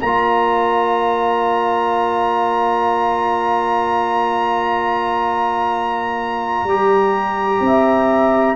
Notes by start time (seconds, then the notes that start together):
0.00 A#3 F4 D5 A#5
6.64 G3 G4
7.60 C4 E5